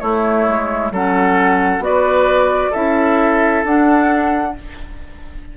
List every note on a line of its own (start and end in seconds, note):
0.00 0.47 A3
0.00 0.92 A3
0.00 0.92 E4
0.00 0.91 C#5
0.48 0.91 G#3
0.91 1.79 F#3
0.91 1.80 C#4
0.91 1.84 A4
0.91 1.84 F#5
1.79 2.70 B3
1.79 2.71 F#4
1.79 2.74 D5
1.86 2.71 B4
2.71 3.64 C#4
2.71 3.65 E4
2.71 4.52 A4
2.71 3.65 E5
3.64 4.55 D4
3.64 4.56 D4
3.64 4.57 F#5